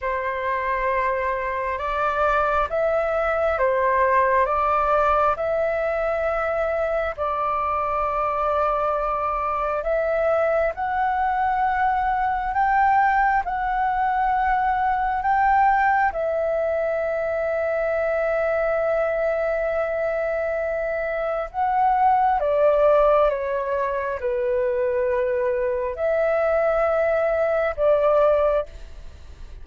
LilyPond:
\new Staff \with { instrumentName = "flute" } { \time 4/4 \tempo 4 = 67 c''2 d''4 e''4 | c''4 d''4 e''2 | d''2. e''4 | fis''2 g''4 fis''4~ |
fis''4 g''4 e''2~ | e''1 | fis''4 d''4 cis''4 b'4~ | b'4 e''2 d''4 | }